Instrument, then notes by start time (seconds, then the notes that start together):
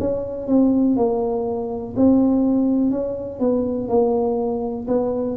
tuba
0.00 C#4
0.48 C4
0.97 A#3
1.97 C4
2.91 C#4
3.40 B3
3.89 A#3
4.88 B3